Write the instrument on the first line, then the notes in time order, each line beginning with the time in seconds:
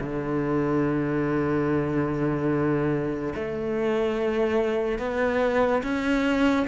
cello
0.00 D3
3.35 A3
4.99 B3
5.83 C#4